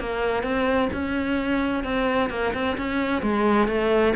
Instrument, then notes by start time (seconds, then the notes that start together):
cello
0.00 A#3
0.43 C4
0.93 C#4
1.84 C4
2.30 A#3
2.54 C4
2.78 C#4
3.22 G#3
3.68 A3